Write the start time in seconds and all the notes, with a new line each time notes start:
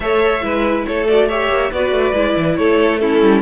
0.00 A3 A4 C#5 E5
0.41 G#3 E4 B4
0.86 A3 A4 C#5
1.08 F#4 D5
1.28 G4 C#5 E5
1.48 A#3
1.71 B3 F#4 B4 D5
1.91 A3
2.13 G#3 E4
2.36 E3
2.56 A3 A4 C#5
2.98 C#4 E4 A4
3.21 G3